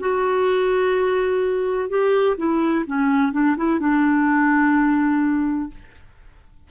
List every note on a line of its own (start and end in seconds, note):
0.00 1.90 F#4
1.90 2.37 G4
2.38 2.85 E4
2.87 3.33 C#4
3.33 3.57 D4
3.57 3.80 E4
3.80 5.71 D4